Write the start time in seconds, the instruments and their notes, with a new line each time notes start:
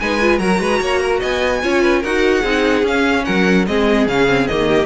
0.00 cello G#3, viola D#4, violin B4 G#5
0.21 viola F4
0.39 cello F#3, viola F#4, violin A#4 A#5
0.60 cello G#3, violin B4
0.81 cello A#3, violin C#5
1.01 violin A#4
1.20 cello B3, violin D#5 G#5
1.63 cello C#4, viola F4, violin C#5
1.82 violin B4
2.01 cello D#4, viola F#4, violin A#4 F#5
2.41 cello C4, viola D#4, violin G#4
2.83 cello C#4, viola C#4, violin F5
3.25 cello F#3, violin A#4 F#5
3.67 cello G#3, viola C4, violin G#4 D#5
4.08 cello C#3, viola C#4, violin F5
4.28 viola C4
4.48 cello D#3, viola A#3, violin D#5
4.69 violin G4